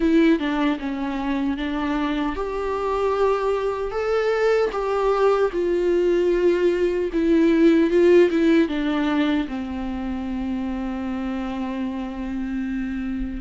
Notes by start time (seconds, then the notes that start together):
0.00 E4
0.39 D4
0.79 C#4
1.57 D4
2.35 G4
3.91 A4
4.72 G4
5.52 F4
7.13 E4
7.90 F4
8.30 E4
8.68 D4
9.48 C4